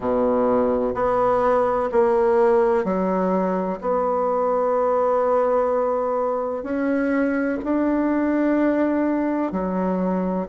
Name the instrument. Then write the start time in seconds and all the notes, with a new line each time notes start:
bassoon
0.00 B2
0.94 B3
1.92 A#3
2.84 F#3
3.81 B3
6.63 C#4
7.64 D4
9.52 F#3